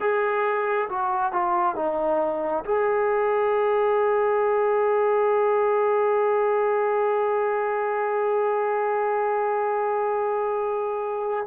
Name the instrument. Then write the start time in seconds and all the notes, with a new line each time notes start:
trombone
0.00 G#4
0.89 F#4
1.32 F4
1.75 D#4
2.65 G#4